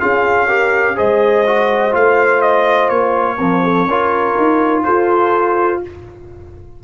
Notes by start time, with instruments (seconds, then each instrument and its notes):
0.00 tuba C#4, trombone F4, horn G#4, trumpet F5
0.47 trombone G4, horn A#4
0.95 tuba G#3, trombone G#4, horn C5, trumpet D#5
1.46 trombone F#4
1.91 tuba A3, trombone F4, trumpet F5
2.41 trumpet D#5
2.89 tuba A#3, trumpet C#5
3.37 trombone F3, tuba C4, horn A#4
3.63 horn A4
3.86 tuba C#4, trombone F4, horn A#4
4.37 tuba D#4
4.83 tuba F4, horn A4, trumpet C5